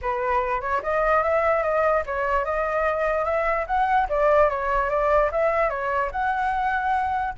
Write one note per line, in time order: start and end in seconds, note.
0.01 0.61 B4
0.61 0.81 C#5
0.82 1.23 D#5
1.23 1.62 E5
1.62 2.03 D#5
2.05 2.44 C#5
2.44 3.24 D#5
3.24 3.65 E5
3.66 4.07 F#5
4.09 4.49 D5
4.49 4.89 C#5
4.89 5.30 D5
5.31 5.69 E5
5.69 6.10 C#5
6.11 7.34 F#5